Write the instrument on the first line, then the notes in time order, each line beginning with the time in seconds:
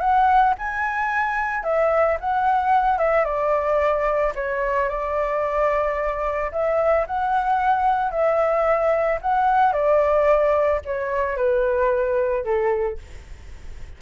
flute
0.00 F#5
0.58 G#5
1.63 E5
2.20 F#5
2.98 E5
3.25 D5
4.35 C#5
4.89 D5
6.52 E5
7.06 F#5
8.11 E5
9.21 F#5
9.72 D5
10.85 C#5
11.36 B4
12.44 A4